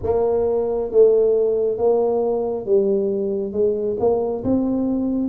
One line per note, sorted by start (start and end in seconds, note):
0.02 0.91 A#3
0.91 1.77 A3
1.77 2.65 A#3
2.65 3.52 G3
3.52 3.96 G#3
3.99 4.44 A#3
4.44 5.28 C4